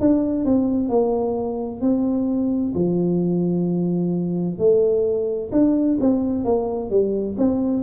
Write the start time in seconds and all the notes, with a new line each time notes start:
0.00 D4
0.45 C4
0.89 A#3
1.81 C4
2.74 F3
4.58 A3
5.52 D4
6.00 C4
6.44 A#3
6.90 G3
7.38 C4